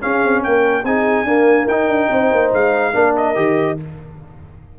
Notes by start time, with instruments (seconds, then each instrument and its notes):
0.00 trombone C#4, tuba C#4, horn G#4, trumpet F5
0.23 tuba C4
0.42 tuba A#3, horn A#4, trumpet G5
0.84 tuba C4, trombone D#4, horn G#4, trumpet G#5
1.24 trombone A#3, tuba D4, horn A#4
1.67 tuba D#4, trombone D#4, trumpet G5
1.87 tuba D4
2.10 tuba C4, horn C5
2.31 tuba A#3
2.52 tuba G#3, trumpet F5
2.93 tuba A#3, trombone D4, horn A#4
3.16 trumpet D#5
3.35 tuba D#3, trombone G4